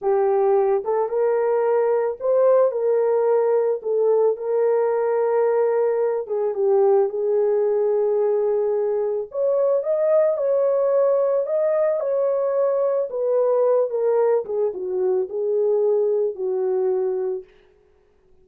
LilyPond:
\new Staff \with { instrumentName = "horn" } { \time 4/4 \tempo 4 = 110 g'4. a'8 ais'2 | c''4 ais'2 a'4 | ais'2.~ ais'8 gis'8 | g'4 gis'2.~ |
gis'4 cis''4 dis''4 cis''4~ | cis''4 dis''4 cis''2 | b'4. ais'4 gis'8 fis'4 | gis'2 fis'2 | }